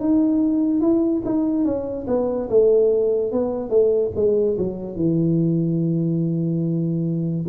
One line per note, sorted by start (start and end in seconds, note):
0.00 0.81 D#4
0.81 1.23 E4
1.25 1.65 D#4
1.65 2.07 C#4
2.07 2.49 B3
2.49 3.32 A3
3.32 3.70 B3
3.70 4.11 A3
4.16 4.57 G#3
4.58 4.96 F#3
4.96 7.46 E3